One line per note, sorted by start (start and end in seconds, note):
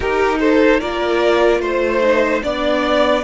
0.00 0.80 D#4
0.00 0.81 D#4
0.00 0.39 G4
0.00 0.38 A#4
0.39 0.80 A4
0.39 0.80 C5
0.80 1.59 A#3
0.80 2.01 F4
0.80 1.60 A#4
0.80 1.61 D5
1.59 2.40 A3
1.59 2.42 C5
1.59 2.43 C5
2.01 2.42 D#4
2.43 3.23 B3
2.43 3.23 D4
2.43 3.23 D5